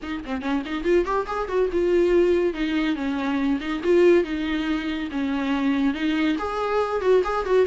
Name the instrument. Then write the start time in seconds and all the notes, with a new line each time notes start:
viola
0.02 D#4
0.25 C4
0.41 C#4
0.65 D#4
0.84 F4
1.05 G4
1.27 G#4
1.48 F#4
1.72 F4
2.53 D#4
2.95 C#4
3.60 D#4
3.83 F4
4.24 D#4
5.11 C#4
5.93 D#4
6.38 G#4
7.01 F#4
7.24 G#4
7.45 F#4